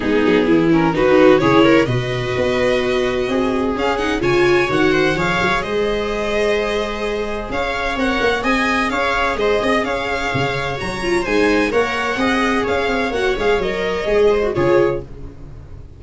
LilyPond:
<<
  \new Staff \with { instrumentName = "violin" } { \time 4/4 \tempo 4 = 128 gis'4. ais'8 b'4 cis''4 | dis''1 | f''8 fis''8 gis''4 fis''4 f''4 | dis''1 |
f''4 fis''4 gis''4 f''4 | dis''4 f''2 ais''4 | gis''4 fis''2 f''4 | fis''8 f''8 dis''2 cis''4 | }
  \new Staff \with { instrumentName = "viola" } { \time 4/4 dis'4 e'4 fis'4 gis'8 ais'8 | b'2. gis'4~ | gis'4 cis''4. c''8 cis''4 | c''1 |
cis''2 dis''4 cis''4 | c''8 dis''8 cis''2. | c''4 cis''4 dis''4 cis''4~ | cis''2~ cis''8 c''8 gis'4 | }
  \new Staff \with { instrumentName = "viola" } { \time 4/4 b4. cis'8 dis'4 e'4 | fis'1 | cis'8 dis'8 f'4 fis'4 gis'4~ | gis'1~ |
gis'4 ais'4 gis'2~ | gis'2. fis'8 f'8 | dis'4 ais'4 gis'2 | fis'8 gis'8 ais'4 gis'8. fis'16 f'4 | }
  \new Staff \with { instrumentName = "tuba" } { \time 4/4 gis8 fis8 e4 dis4 cis4 | b,4 b2 c'4 | cis'4 cis4 dis4 f8 fis8 | gis1 |
cis'4 c'8 ais8 c'4 cis'4 | gis8 c'8 cis'4 cis4 fis4 | gis4 ais4 c'4 cis'8 c'8 | ais8 gis8 fis4 gis4 cis4 | }
>>